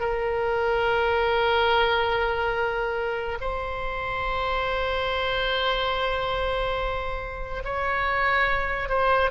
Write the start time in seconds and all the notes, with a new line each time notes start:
0.00 A#4
3.41 C5
7.64 C#5
8.89 C5